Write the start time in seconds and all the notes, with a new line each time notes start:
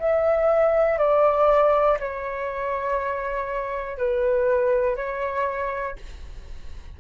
0.00 E5
0.99 D5
2.00 C#5
3.98 B4
4.96 C#5